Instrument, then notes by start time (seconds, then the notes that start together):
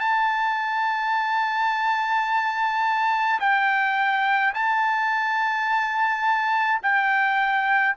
trumpet
0.00 A5
3.41 G5
4.55 A5
6.83 G5